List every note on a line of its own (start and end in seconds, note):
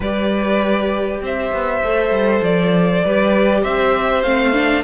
0.00 1.21 G3
0.00 1.83 G4
0.00 1.21 B4
0.00 1.23 D5
1.21 1.52 C4
1.21 3.04 C5
1.21 2.44 E5
1.52 1.82 B3
1.83 2.10 A3
1.83 3.05 A4
2.10 2.41 G3
2.42 3.02 F3
2.42 3.63 D5
3.04 3.64 G3
3.04 4.23 G4
3.04 3.61 B4
3.61 4.23 C4
3.61 4.83 C5
3.61 4.22 E5
4.22 4.83 A3
4.22 4.53 C4
4.22 4.83 F5
4.53 4.83 D4